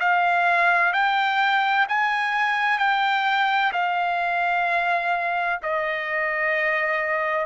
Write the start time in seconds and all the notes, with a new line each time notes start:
0.00 F5
0.93 G5
1.89 G#5
2.79 G5
3.73 F5
5.63 D#5